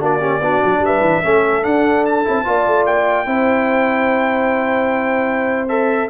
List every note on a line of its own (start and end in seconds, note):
0.00 0.41 A#3
0.00 0.20 D4
0.00 0.20 F#4
0.00 0.85 D5
0.20 0.41 C#4
0.20 0.40 G4
0.41 0.61 B3
0.41 1.23 D4
0.41 0.81 F#4
0.64 0.80 F#3
0.80 1.00 G3
0.80 1.23 B4
0.80 1.64 E5
1.00 1.20 E3
1.23 1.65 A3
1.23 1.63 C#4
1.23 2.45 A4
1.63 2.24 D4
1.63 2.26 D4
1.63 2.05 F#5
2.05 2.86 A5
2.24 2.47 C4
2.24 2.45 E4
2.45 2.67 A#3
2.45 3.26 F4
2.45 3.27 D5
2.67 2.86 A3
2.86 3.26 A#3
2.86 5.68 G5
3.26 6.10 C4
3.26 5.69 E4
3.26 6.10 C5
5.68 6.09 A4
5.68 6.09 E5